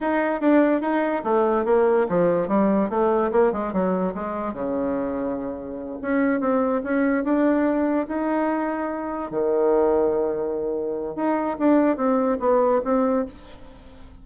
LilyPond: \new Staff \with { instrumentName = "bassoon" } { \time 4/4 \tempo 4 = 145 dis'4 d'4 dis'4 a4 | ais4 f4 g4 a4 | ais8 gis8 fis4 gis4 cis4~ | cis2~ cis8 cis'4 c'8~ |
c'8 cis'4 d'2 dis'8~ | dis'2~ dis'8 dis4.~ | dis2. dis'4 | d'4 c'4 b4 c'4 | }